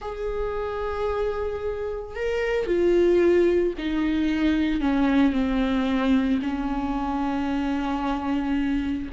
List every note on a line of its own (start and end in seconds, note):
0.01 2.15 G#4
2.15 2.66 A#4
2.66 3.73 F4
3.78 4.81 D#4
4.81 5.32 C#4
5.32 6.39 C4
6.42 9.09 C#4